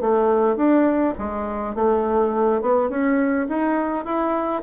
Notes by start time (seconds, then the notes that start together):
0.00 A3
0.56 D4
1.18 G#3
1.75 A3
2.61 B3
2.89 C#4
3.48 D#4
4.05 E4